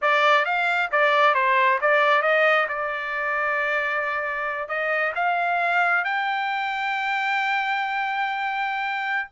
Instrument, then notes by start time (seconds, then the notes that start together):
trumpet
0.01 D5
0.45 F5
0.91 D5
1.34 C5
1.81 D5
2.21 D#5
2.68 D5
4.68 D#5
5.15 F5
6.04 G5